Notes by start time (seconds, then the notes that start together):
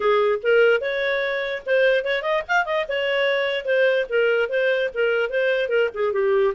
0.00 G#4
0.42 A#4
0.81 C#5
1.65 C5
2.04 C#5
2.22 D#5
2.48 F5
2.65 D#5
2.88 C#5
3.65 C5
4.09 A#4
4.49 C5
4.94 A#4
5.29 C5
5.68 A#4
5.94 G#4
6.12 G4